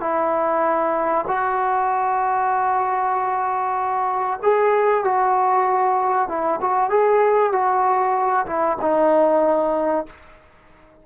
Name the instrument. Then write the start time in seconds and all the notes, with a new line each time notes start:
trombone
0.00 E4
1.27 F#4
4.42 G#4
5.04 F#4
6.28 E4
6.61 F#4
6.90 G#4
7.52 F#4
8.46 E4
8.81 D#4